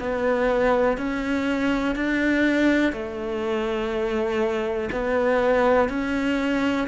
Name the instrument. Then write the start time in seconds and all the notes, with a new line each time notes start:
cello
0.00 B3
0.97 C#4
1.95 D4
2.93 A3
4.92 B3
5.89 C#4